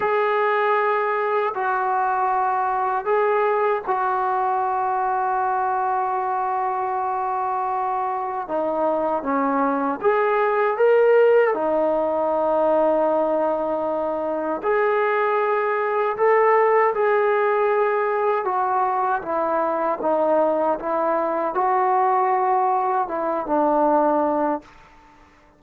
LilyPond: \new Staff \with { instrumentName = "trombone" } { \time 4/4 \tempo 4 = 78 gis'2 fis'2 | gis'4 fis'2.~ | fis'2. dis'4 | cis'4 gis'4 ais'4 dis'4~ |
dis'2. gis'4~ | gis'4 a'4 gis'2 | fis'4 e'4 dis'4 e'4 | fis'2 e'8 d'4. | }